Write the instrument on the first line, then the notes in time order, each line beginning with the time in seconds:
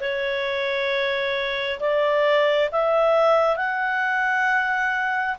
clarinet
0.00 C#5
1.80 D5
2.71 E5
3.56 F#5